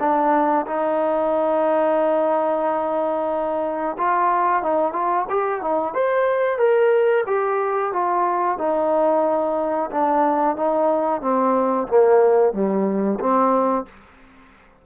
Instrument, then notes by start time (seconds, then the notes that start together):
trombone
0.00 D4
0.67 D#4
3.98 F4
4.62 D#4
4.92 F4
5.29 G4
5.61 D#4
5.94 C5
6.58 A#4
7.27 G4
7.92 F4
8.58 D#4
9.91 D4
10.56 D#4
11.21 C4
11.88 A#3
12.53 G3
13.20 C4